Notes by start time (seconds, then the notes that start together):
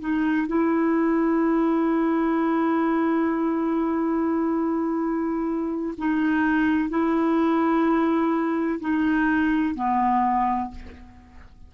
0.00 D#4
0.47 E4
5.98 D#4
6.90 E4
8.81 D#4
9.76 B3